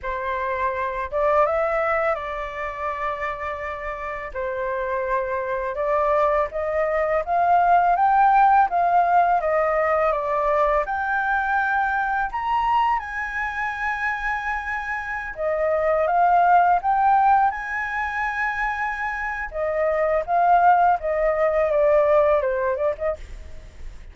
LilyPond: \new Staff \with { instrumentName = "flute" } { \time 4/4 \tempo 4 = 83 c''4. d''8 e''4 d''4~ | d''2 c''2 | d''4 dis''4 f''4 g''4 | f''4 dis''4 d''4 g''4~ |
g''4 ais''4 gis''2~ | gis''4~ gis''16 dis''4 f''4 g''8.~ | g''16 gis''2~ gis''8. dis''4 | f''4 dis''4 d''4 c''8 d''16 dis''16 | }